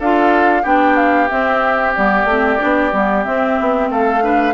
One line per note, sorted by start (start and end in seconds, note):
0.00 0.65 D4
0.00 0.64 F4
0.00 0.63 A4
0.00 0.65 F5
0.63 1.30 B3
0.63 1.29 D4
0.63 3.89 G4
0.63 0.96 G5
0.96 1.29 F5
1.29 1.95 C4
1.29 1.96 C4
1.29 1.94 E5
1.95 2.25 G3
1.95 2.28 B3
1.95 3.25 D5
2.25 2.58 A3
2.25 2.59 C4
2.59 2.93 B3
2.59 2.92 D4
2.93 3.26 G3
2.93 3.25 B3
3.25 4.22 C4
3.25 3.60 C4
3.25 3.90 E5
3.61 3.90 B3
3.90 4.54 A3
3.90 4.24 A4
3.90 4.54 F5
4.22 4.54 D4
4.22 4.54 B4